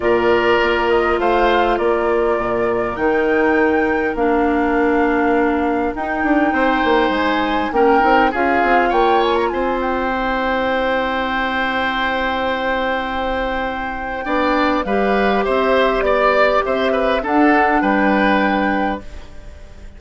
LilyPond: <<
  \new Staff \with { instrumentName = "flute" } { \time 4/4 \tempo 4 = 101 d''4. dis''8 f''4 d''4~ | d''4 g''2 f''4~ | f''2 g''2 | gis''4 g''4 f''4 g''8 gis''16 ais''16 |
gis''8 g''2.~ g''8~ | g''1~ | g''4 f''4 e''4 d''4 | e''4 fis''4 g''2 | }
  \new Staff \with { instrumentName = "oboe" } { \time 4/4 ais'2 c''4 ais'4~ | ais'1~ | ais'2. c''4~ | c''4 ais'4 gis'4 cis''4 |
c''1~ | c''1 | d''4 b'4 c''4 d''4 | c''8 b'8 a'4 b'2 | }
  \new Staff \with { instrumentName = "clarinet" } { \time 4/4 f'1~ | f'4 dis'2 d'4~ | d'2 dis'2~ | dis'4 cis'8 dis'8 f'2~ |
f'4 e'2.~ | e'1 | d'4 g'2.~ | g'4 d'2. | }
  \new Staff \with { instrumentName = "bassoon" } { \time 4/4 ais,4 ais4 a4 ais4 | ais,4 dis2 ais4~ | ais2 dis'8 d'8 c'8 ais8 | gis4 ais8 c'8 cis'8 c'8 ais4 |
c'1~ | c'1 | b4 g4 c'4 b4 | c'4 d'4 g2 | }
>>